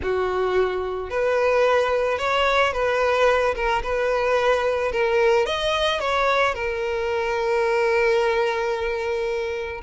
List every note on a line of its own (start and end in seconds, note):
0.02 1.10 F#4
1.10 2.18 B4
2.18 2.72 C#5
2.72 3.54 B4
3.55 3.82 A#4
3.83 4.92 B4
4.92 5.45 A#4
5.45 6.00 D#5
6.00 6.54 C#5
6.54 9.81 A#4